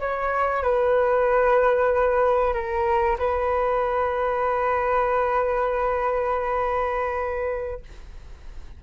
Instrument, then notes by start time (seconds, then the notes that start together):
flute
0.00 C#5
0.63 B4
2.54 A#4
3.18 B4